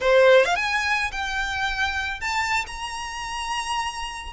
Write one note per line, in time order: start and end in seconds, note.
0.00 0.45 C5
0.45 0.55 F5
0.55 1.11 G#5
1.11 2.20 G5
2.20 2.65 A5
2.66 4.33 A#5